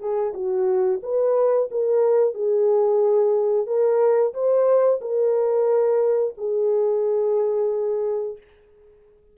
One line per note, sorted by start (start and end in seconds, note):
0.00 0.33 G#4
0.34 1.01 F#4
1.03 1.70 B4
1.72 2.35 A#4
2.35 3.67 G#4
3.67 4.34 A#4
4.34 5.01 C5
5.02 6.35 A#4
6.38 8.38 G#4